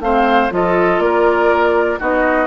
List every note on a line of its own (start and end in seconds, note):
0.00 0.50 A3
0.00 0.51 C4
0.00 0.53 C5
0.00 0.51 F5
0.51 0.99 F3
0.51 1.99 F4
0.51 1.04 A4
0.51 1.00 D#5
0.99 1.98 A#3
0.99 1.99 A#4
0.99 1.99 D5
1.99 2.47 B3
1.99 2.47 D#4
1.99 2.47 F#4
1.99 2.47 D#5